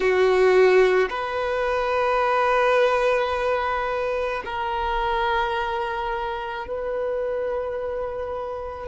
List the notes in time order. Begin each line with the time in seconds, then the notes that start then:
0.00 F#4
1.09 B4
4.44 A#4
6.67 B4